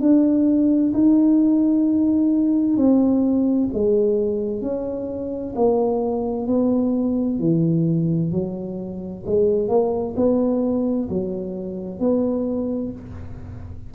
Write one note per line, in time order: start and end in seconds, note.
0.00 0.92 D4
0.93 2.77 D#4
2.77 3.69 C4
3.73 4.61 G#3
4.61 5.53 C#4
5.56 6.47 A#3
6.47 7.39 B3
7.39 8.31 E3
8.31 9.23 F#3
9.26 9.68 G#3
9.68 10.15 A#3
10.16 11.09 B3
11.09 11.99 F#3
11.99 12.91 B3